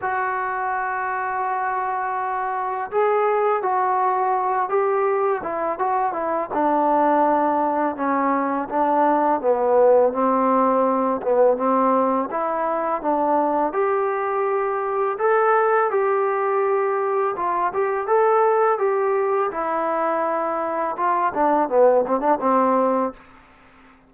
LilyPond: \new Staff \with { instrumentName = "trombone" } { \time 4/4 \tempo 4 = 83 fis'1 | gis'4 fis'4. g'4 e'8 | fis'8 e'8 d'2 cis'4 | d'4 b4 c'4. b8 |
c'4 e'4 d'4 g'4~ | g'4 a'4 g'2 | f'8 g'8 a'4 g'4 e'4~ | e'4 f'8 d'8 b8 c'16 d'16 c'4 | }